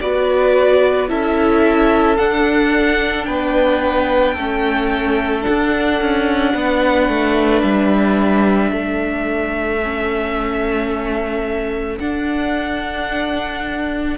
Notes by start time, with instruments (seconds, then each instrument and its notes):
0.00 cello B3, viola F#4, violin B4 D5
1.08 cello C#4, viola E4, violin A4 E5
2.17 cello D4, viola D4, violin F#5
3.25 cello B3, violin B4 G5
4.34 cello A3, viola C#4, violin A4
5.41 viola D4, violin F#5
5.48 cello D4
6.01 cello C#4
6.54 cello B3, violin B4
7.09 cello A3
7.62 cello G3, violin E5
8.72 cello A3, violin A4
9.82 viola C#4
11.99 cello D4, viola D4, violin F#5